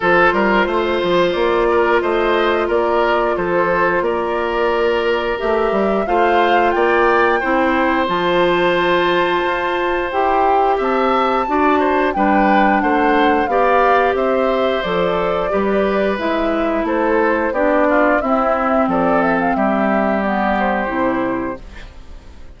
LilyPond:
<<
  \new Staff \with { instrumentName = "flute" } { \time 4/4 \tempo 4 = 89 c''2 d''4 dis''4 | d''4 c''4 d''2 | e''4 f''4 g''2 | a''2. g''4 |
a''2 g''4 fis''4 | f''4 e''4 d''2 | e''4 c''4 d''4 e''4 | d''8 e''16 f''16 e''4 d''8 c''4. | }
  \new Staff \with { instrumentName = "oboe" } { \time 4/4 a'8 ais'8 c''4. ais'8 c''4 | ais'4 a'4 ais'2~ | ais'4 c''4 d''4 c''4~ | c''1 |
e''4 d''8 c''8 b'4 c''4 | d''4 c''2 b'4~ | b'4 a'4 g'8 f'8 e'4 | a'4 g'2. | }
  \new Staff \with { instrumentName = "clarinet" } { \time 4/4 f'1~ | f'1 | g'4 f'2 e'4 | f'2. g'4~ |
g'4 fis'4 d'2 | g'2 a'4 g'4 | e'2 d'4 c'4~ | c'2 b4 e'4 | }
  \new Staff \with { instrumentName = "bassoon" } { \time 4/4 f8 g8 a8 f8 ais4 a4 | ais4 f4 ais2 | a8 g8 a4 ais4 c'4 | f2 f'4 e'4 |
c'4 d'4 g4 a4 | b4 c'4 f4 g4 | gis4 a4 b4 c'4 | f4 g2 c4 | }
>>